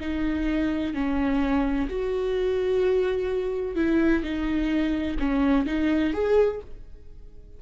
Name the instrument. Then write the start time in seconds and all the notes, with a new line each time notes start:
viola
0.00 D#4
0.94 C#4
1.89 F#4
3.76 E4
4.23 D#4
5.19 C#4
5.66 D#4
6.13 G#4